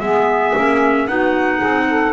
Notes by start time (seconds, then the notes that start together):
0.00 G#3 B3 G#4 E5
0.56 A#3 C#4
1.07 B3 D#4 F#4 F#5
1.57 G#4
1.64 C4
1.89 A4